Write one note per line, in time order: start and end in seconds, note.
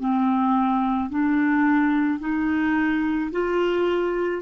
0.00 1.10 C4
1.10 2.20 D4
2.20 3.31 D#4
3.32 4.42 F4